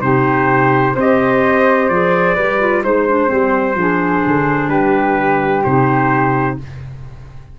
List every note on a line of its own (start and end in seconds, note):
0.00 0.95 C3
0.00 0.94 D#4
0.00 0.94 G4
0.00 0.95 C5
0.94 1.89 C4
0.94 1.91 G4
0.94 2.35 C5
0.94 1.89 D#5
1.89 2.36 F3
1.89 2.37 G#4
1.89 2.82 D5
2.35 2.83 G3
2.35 2.60 G4
2.35 2.82 B4
2.60 2.83 F4
2.83 3.30 G#3
2.83 3.07 D#4
2.83 3.78 C5
2.83 4.69 C5
3.08 3.27 D4
3.27 3.74 G3
3.27 3.74 C4
3.74 4.21 F3
3.74 5.64 D4
3.74 4.70 G#4
4.26 4.68 D3
4.68 5.62 G3
4.68 6.58 G4
4.68 5.63 B4
5.63 6.59 C3
5.63 6.58 D#4
5.63 6.57 C5